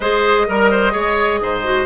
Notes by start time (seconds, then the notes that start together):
0.00 G#3 G#4 C5 D#5
0.47 G3 A#4
0.70 C5
0.91 G#3 G#4 C#5
1.40 G#2 C5
1.63 F#4